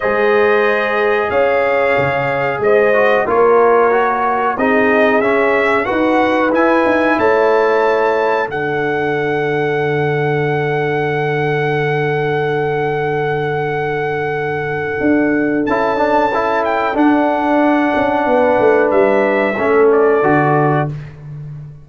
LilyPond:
<<
  \new Staff \with { instrumentName = "trumpet" } { \time 4/4 \tempo 4 = 92 dis''2 f''2 | dis''4 cis''2 dis''4 | e''4 fis''4 gis''4 a''4~ | a''4 fis''2.~ |
fis''1~ | fis''1 | a''4. g''8 fis''2~ | fis''4 e''4. d''4. | }
  \new Staff \with { instrumentName = "horn" } { \time 4/4 c''2 cis''2 | c''4 ais'2 gis'4~ | gis'4 b'2 cis''4~ | cis''4 a'2.~ |
a'1~ | a'1~ | a'1 | b'2 a'2 | }
  \new Staff \with { instrumentName = "trombone" } { \time 4/4 gis'1~ | gis'8 fis'8 f'4 fis'4 dis'4 | cis'4 fis'4 e'2~ | e'4 d'2.~ |
d'1~ | d'1 | e'8 d'8 e'4 d'2~ | d'2 cis'4 fis'4 | }
  \new Staff \with { instrumentName = "tuba" } { \time 4/4 gis2 cis'4 cis4 | gis4 ais2 c'4 | cis'4 dis'4 e'8 dis'8 a4~ | a4 d2.~ |
d1~ | d2. d'4 | cis'2 d'4. cis'8 | b8 a8 g4 a4 d4 | }
>>